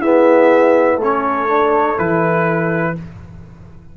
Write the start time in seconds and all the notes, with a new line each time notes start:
0.00 B3 E4 G#4 E5
0.97 A3 A4
1.03 C#4 C#5
1.48 D4
1.97 E3 E4 B4